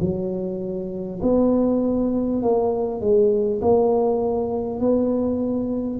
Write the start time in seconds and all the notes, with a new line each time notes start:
0.00 F#3
1.22 B3
2.42 A#3
3.01 G#3
3.61 A#3
4.79 B3